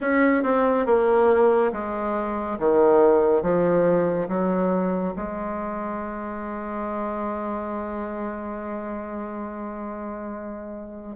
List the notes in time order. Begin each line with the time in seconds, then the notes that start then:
0.00 C#4
0.43 C4
0.86 A#3
1.72 G#3
2.58 D#3
3.42 F3
4.28 F#3
5.15 G#3